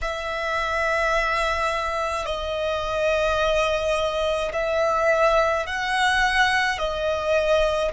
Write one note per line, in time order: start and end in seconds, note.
0.01 2.25 E5
2.25 4.52 D#5
4.53 5.66 E5
5.66 6.78 F#5
6.78 7.91 D#5